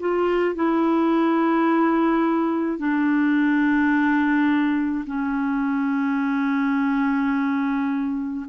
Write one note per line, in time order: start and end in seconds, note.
0.00 0.55 F4
0.55 2.78 E4
2.78 5.05 D4
5.06 8.46 C#4